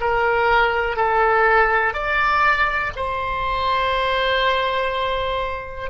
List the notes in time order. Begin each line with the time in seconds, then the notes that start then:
0.00 A#4
0.96 A4
1.93 D5
2.96 C5